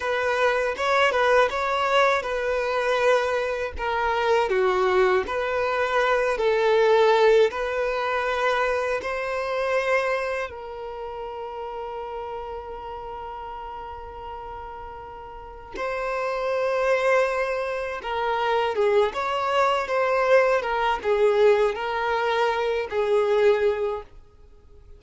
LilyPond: \new Staff \with { instrumentName = "violin" } { \time 4/4 \tempo 4 = 80 b'4 cis''8 b'8 cis''4 b'4~ | b'4 ais'4 fis'4 b'4~ | b'8 a'4. b'2 | c''2 ais'2~ |
ais'1~ | ais'4 c''2. | ais'4 gis'8 cis''4 c''4 ais'8 | gis'4 ais'4. gis'4. | }